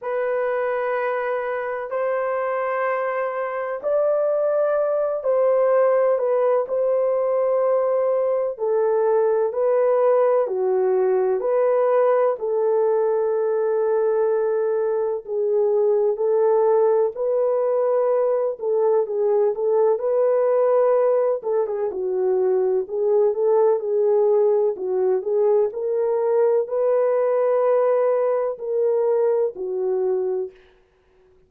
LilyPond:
\new Staff \with { instrumentName = "horn" } { \time 4/4 \tempo 4 = 63 b'2 c''2 | d''4. c''4 b'8 c''4~ | c''4 a'4 b'4 fis'4 | b'4 a'2. |
gis'4 a'4 b'4. a'8 | gis'8 a'8 b'4. a'16 gis'16 fis'4 | gis'8 a'8 gis'4 fis'8 gis'8 ais'4 | b'2 ais'4 fis'4 | }